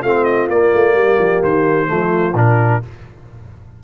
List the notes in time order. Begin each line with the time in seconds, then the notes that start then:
0.00 A3 C4 F4 F5
0.24 D#5
0.49 A#3 D5
0.73 A3
0.94 G3 G4
1.18 F3
1.43 D#3 C5
1.87 F3 A3 F4
2.34 A#2 D4 A#4